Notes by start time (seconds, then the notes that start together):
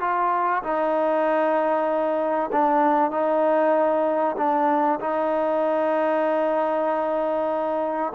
0.00 F4
0.62 D#4
2.52 D4
3.11 D#4
4.37 D4
5.00 D#4